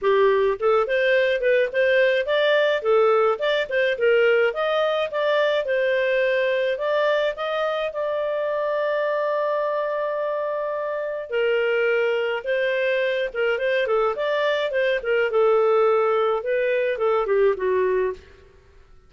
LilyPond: \new Staff \with { instrumentName = "clarinet" } { \time 4/4 \tempo 4 = 106 g'4 a'8 c''4 b'8 c''4 | d''4 a'4 d''8 c''8 ais'4 | dis''4 d''4 c''2 | d''4 dis''4 d''2~ |
d''1 | ais'2 c''4. ais'8 | c''8 a'8 d''4 c''8 ais'8 a'4~ | a'4 b'4 a'8 g'8 fis'4 | }